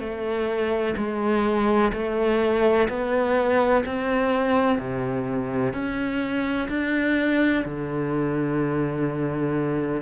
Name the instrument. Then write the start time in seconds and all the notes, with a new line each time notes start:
cello
0.00 A3
0.97 G#3
1.94 A3
2.89 B3
3.86 C4
4.79 C3
5.74 C#4
6.69 D4
7.65 D3